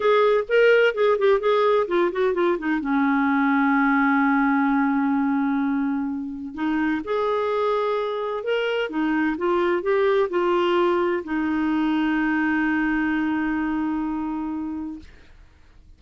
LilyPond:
\new Staff \with { instrumentName = "clarinet" } { \time 4/4 \tempo 4 = 128 gis'4 ais'4 gis'8 g'8 gis'4 | f'8 fis'8 f'8 dis'8 cis'2~ | cis'1~ | cis'2 dis'4 gis'4~ |
gis'2 ais'4 dis'4 | f'4 g'4 f'2 | dis'1~ | dis'1 | }